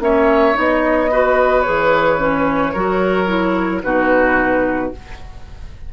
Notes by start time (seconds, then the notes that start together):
0.00 A#3 C#4 C#5 E5
0.54 B3 D#4 D#5
1.12 F#4 B4
1.62 E3 G#4 C#5
2.19 C#4
2.74 F#3 F#4 A#4
3.27 E4
3.83 B2 D#4 F#4 B4